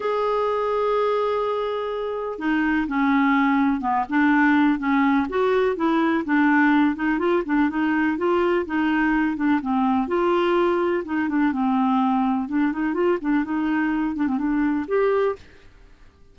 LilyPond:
\new Staff \with { instrumentName = "clarinet" } { \time 4/4 \tempo 4 = 125 gis'1~ | gis'4 dis'4 cis'2 | b8 d'4. cis'4 fis'4 | e'4 d'4. dis'8 f'8 d'8 |
dis'4 f'4 dis'4. d'8 | c'4 f'2 dis'8 d'8 | c'2 d'8 dis'8 f'8 d'8 | dis'4. d'16 c'16 d'4 g'4 | }